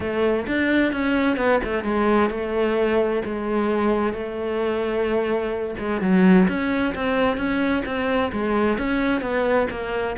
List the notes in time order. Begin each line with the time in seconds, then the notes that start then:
0.00 A3
0.47 D4
0.92 C#4
1.37 B3
1.63 A3
1.83 G#3
2.30 A3
3.24 G#3
4.13 A3
5.79 G#3
6.01 F#3
6.47 C#4
6.94 C4
7.37 C#4
7.85 C4
8.32 G#3
8.78 C#4
9.21 B3
9.70 A#3